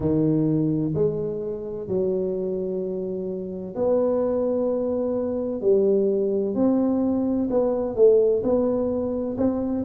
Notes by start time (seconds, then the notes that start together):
0.00 D#3
0.95 G#3
1.87 F#3
3.75 B3
5.61 G3
6.55 C4
7.50 B3
7.95 A3
8.43 B3
9.37 C4